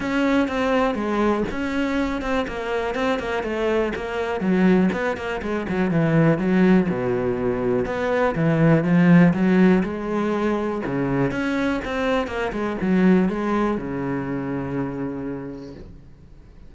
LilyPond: \new Staff \with { instrumentName = "cello" } { \time 4/4 \tempo 4 = 122 cis'4 c'4 gis4 cis'4~ | cis'8 c'8 ais4 c'8 ais8 a4 | ais4 fis4 b8 ais8 gis8 fis8 | e4 fis4 b,2 |
b4 e4 f4 fis4 | gis2 cis4 cis'4 | c'4 ais8 gis8 fis4 gis4 | cis1 | }